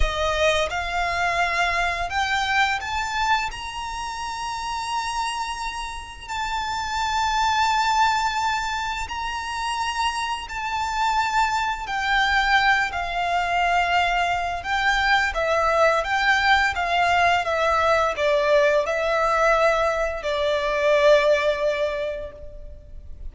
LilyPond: \new Staff \with { instrumentName = "violin" } { \time 4/4 \tempo 4 = 86 dis''4 f''2 g''4 | a''4 ais''2.~ | ais''4 a''2.~ | a''4 ais''2 a''4~ |
a''4 g''4. f''4.~ | f''4 g''4 e''4 g''4 | f''4 e''4 d''4 e''4~ | e''4 d''2. | }